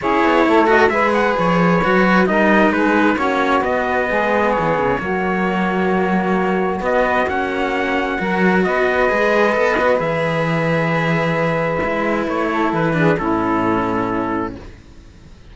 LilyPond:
<<
  \new Staff \with { instrumentName = "trumpet" } { \time 4/4 \tempo 4 = 132 cis''4. dis''8 e''8 fis''8 cis''4~ | cis''4 dis''4 b'4 cis''4 | dis''2 cis''2~ | cis''2. dis''4 |
fis''2. dis''4~ | dis''2 e''2~ | e''2. cis''4 | b'4 a'2. | }
  \new Staff \with { instrumentName = "saxophone" } { \time 4/4 gis'4 a'4 b'2~ | b'4 ais'4 gis'4 fis'4~ | fis'4 gis'2 fis'4~ | fis'1~ |
fis'2 ais'4 b'4~ | b'1~ | b'2.~ b'8 a'8~ | a'8 gis'8 e'2. | }
  \new Staff \with { instrumentName = "cello" } { \time 4/4 e'4. fis'8 gis'2 | fis'4 dis'2 cis'4 | b2. ais4~ | ais2. b4 |
cis'2 fis'2 | gis'4 a'8 fis'8 gis'2~ | gis'2 e'2~ | e'8 d'8 cis'2. | }
  \new Staff \with { instrumentName = "cello" } { \time 4/4 cis'8 b8 a4 gis4 f4 | fis4 g4 gis4 ais4 | b4 gis4 e8 cis8 fis4~ | fis2. b4 |
ais2 fis4 b4 | gis4 b4 e2~ | e2 gis4 a4 | e4 a,2. | }
>>